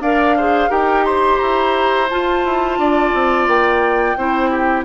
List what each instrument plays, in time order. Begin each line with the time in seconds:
0.00 bassoon D4, clarinet A#4, oboe D5, flute F5
0.36 clarinet G#4, oboe C5
0.69 bassoon D#4, clarinet G4, oboe A#4, flute G5
1.05 oboe C5, flute C6
1.39 bassoon E4, flute A#5
2.09 clarinet F4, bassoon F4, flute A5
2.44 bassoon E4
2.78 bassoon D4, oboe D5
3.14 bassoon C4
3.47 bassoon A#3, flute G5
4.17 bassoon C4, clarinet E4, oboe C5
4.50 oboe G4